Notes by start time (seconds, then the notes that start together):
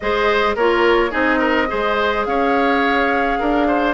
0.00 G#3 G#4 C5 D#5
0.55 A#3 F4 A#4 C#5
1.10 C4 D#4 G#4 D#5
1.38 A#4
1.67 G#3 G#4 C5
2.25 C#4 C#5 F5
3.39 D4 A#4
3.67 C5